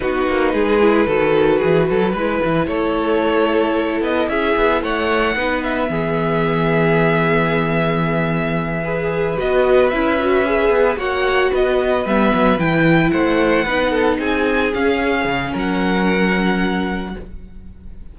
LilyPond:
<<
  \new Staff \with { instrumentName = "violin" } { \time 4/4 \tempo 4 = 112 b'1~ | b'4 cis''2~ cis''8 dis''8 | e''4 fis''4. e''4.~ | e''1~ |
e''4. dis''4 e''4.~ | e''8 fis''4 dis''4 e''4 g''8~ | g''8 fis''2 gis''4 f''8~ | f''4 fis''2. | }
  \new Staff \with { instrumentName = "violin" } { \time 4/4 fis'4 gis'4 a'4 gis'8 a'8 | b'4 a'2. | gis'4 cis''4 b'4 gis'4~ | gis'1~ |
gis'8 b'2.~ b'8~ | b'8 cis''4 b'2~ b'8~ | b'8 c''4 b'8 a'8 gis'4.~ | gis'4 ais'2. | }
  \new Staff \with { instrumentName = "viola" } { \time 4/4 dis'4. e'8 fis'2 | e'1~ | e'2 dis'4 b4~ | b1~ |
b8 gis'4 fis'4 e'8 fis'8 gis'8~ | gis'8 fis'2 b4 e'8~ | e'4. dis'2 cis'8~ | cis'1 | }
  \new Staff \with { instrumentName = "cello" } { \time 4/4 b8 ais8 gis4 dis4 e8 fis8 | gis8 e8 a2~ a8 b8 | cis'8 b8 a4 b4 e4~ | e1~ |
e4. b4 cis'4. | b8 ais4 b4 g8 fis8 e8~ | e8 a4 b4 c'4 cis'8~ | cis'8 cis8 fis2. | }
>>